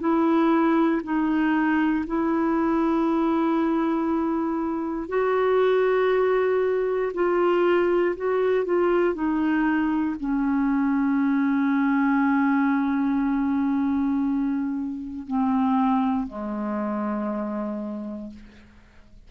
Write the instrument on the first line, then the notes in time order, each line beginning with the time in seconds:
clarinet
0.00 E4
1.04 D#4
2.07 E4
5.09 F#4
7.14 F4
8.16 F#4
8.65 F4
9.14 D#4
10.20 C#4
15.27 C4
16.28 G#3